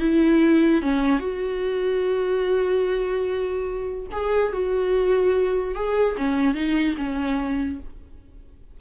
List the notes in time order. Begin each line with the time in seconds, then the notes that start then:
0.00 E4
0.82 C#4
1.20 F#4
4.12 G#4
4.53 F#4
5.75 G#4
6.18 C#4
6.55 D#4
6.97 C#4